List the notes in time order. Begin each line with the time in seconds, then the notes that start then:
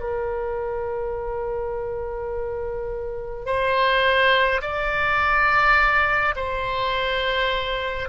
0.00 A#4
3.46 C5
4.62 D5
6.36 C5